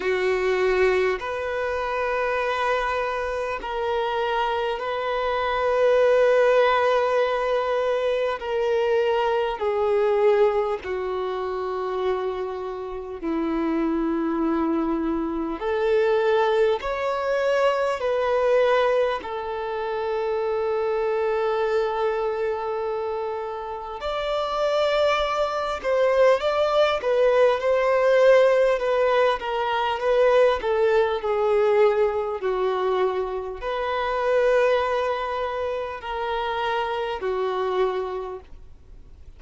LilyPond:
\new Staff \with { instrumentName = "violin" } { \time 4/4 \tempo 4 = 50 fis'4 b'2 ais'4 | b'2. ais'4 | gis'4 fis'2 e'4~ | e'4 a'4 cis''4 b'4 |
a'1 | d''4. c''8 d''8 b'8 c''4 | b'8 ais'8 b'8 a'8 gis'4 fis'4 | b'2 ais'4 fis'4 | }